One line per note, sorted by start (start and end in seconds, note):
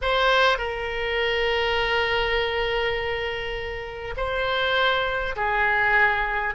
0.01 0.58 C5
0.58 4.14 A#4
4.17 5.35 C5
5.36 6.54 G#4